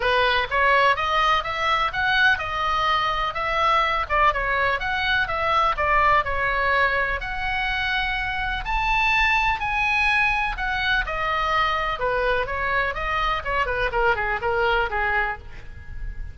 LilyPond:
\new Staff \with { instrumentName = "oboe" } { \time 4/4 \tempo 4 = 125 b'4 cis''4 dis''4 e''4 | fis''4 dis''2 e''4~ | e''8 d''8 cis''4 fis''4 e''4 | d''4 cis''2 fis''4~ |
fis''2 a''2 | gis''2 fis''4 dis''4~ | dis''4 b'4 cis''4 dis''4 | cis''8 b'8 ais'8 gis'8 ais'4 gis'4 | }